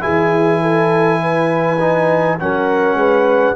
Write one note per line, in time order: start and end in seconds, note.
0.00 2.39 E3
0.00 1.76 E4
0.00 0.61 G#4
0.00 2.37 G#5
0.61 1.20 A4
1.20 2.38 B4
1.79 2.38 D#4
2.39 2.93 F#3
2.39 3.55 C#4
2.39 2.98 A#4
2.39 3.55 F#5
2.93 3.52 G#3
2.93 3.55 B4